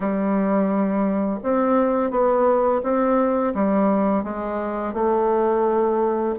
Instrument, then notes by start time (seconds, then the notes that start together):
bassoon
0.00 G3
1.43 C4
2.10 B3
2.83 C4
3.54 G3
4.23 G#3
4.93 A3